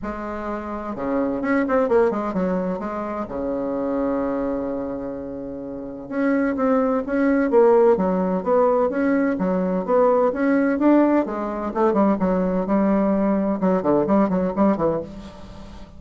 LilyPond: \new Staff \with { instrumentName = "bassoon" } { \time 4/4 \tempo 4 = 128 gis2 cis4 cis'8 c'8 | ais8 gis8 fis4 gis4 cis4~ | cis1~ | cis4 cis'4 c'4 cis'4 |
ais4 fis4 b4 cis'4 | fis4 b4 cis'4 d'4 | gis4 a8 g8 fis4 g4~ | g4 fis8 d8 g8 fis8 g8 e8 | }